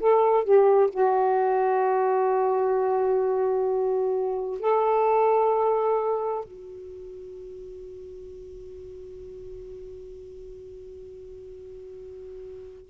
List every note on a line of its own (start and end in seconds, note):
0.00 0.44 A4
0.44 0.90 G4
0.91 4.60 F#4
4.60 6.44 A4
6.44 12.90 F#4